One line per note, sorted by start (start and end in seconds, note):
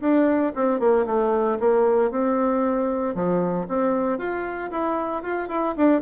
0.00 0.52 D4
0.55 0.79 C4
0.79 1.05 A#3
1.06 1.58 A3
1.59 2.10 A#3
2.10 3.14 C4
3.14 3.67 F3
3.68 4.18 C4
4.18 4.70 F4
4.70 5.22 E4
5.22 5.48 F4
5.48 5.74 E4
5.77 6.01 D4